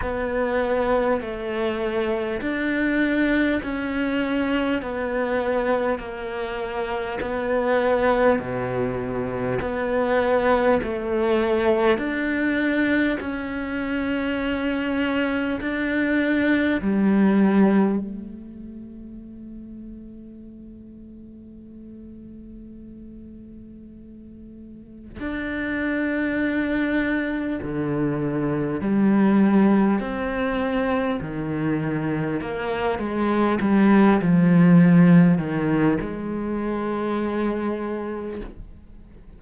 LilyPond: \new Staff \with { instrumentName = "cello" } { \time 4/4 \tempo 4 = 50 b4 a4 d'4 cis'4 | b4 ais4 b4 b,4 | b4 a4 d'4 cis'4~ | cis'4 d'4 g4 a4~ |
a1~ | a4 d'2 d4 | g4 c'4 dis4 ais8 gis8 | g8 f4 dis8 gis2 | }